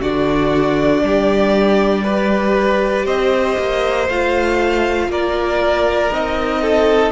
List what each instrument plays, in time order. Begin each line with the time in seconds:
0.00 cello D3, viola D4, violin F#4 D5
1.03 cello G3, violin G4
2.03 viola G4, violin B4
3.05 cello C4, violin C5 D#5
3.58 cello A#3
4.08 cello A3, viola F4, violin F5
5.08 cello A#3, violin A#4 D5
6.11 cello C4, viola D#4, violin D#5
6.61 violin A4